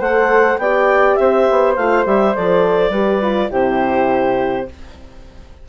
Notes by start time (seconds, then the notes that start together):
0.00 A3 A4 C5 F#5
0.58 B3 G4 D5 G5
1.15 C4 C5 E5
1.50 B3
1.76 A3 F4 F5
2.05 G3 G4 E5
2.35 F3 A4 D5
2.90 G3 G4 B4
3.22 F4
3.49 C3 E4 G4 C5